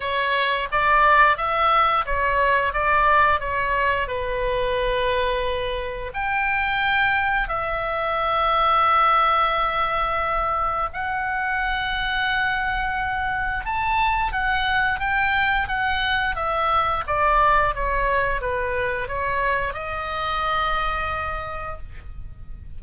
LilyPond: \new Staff \with { instrumentName = "oboe" } { \time 4/4 \tempo 4 = 88 cis''4 d''4 e''4 cis''4 | d''4 cis''4 b'2~ | b'4 g''2 e''4~ | e''1 |
fis''1 | a''4 fis''4 g''4 fis''4 | e''4 d''4 cis''4 b'4 | cis''4 dis''2. | }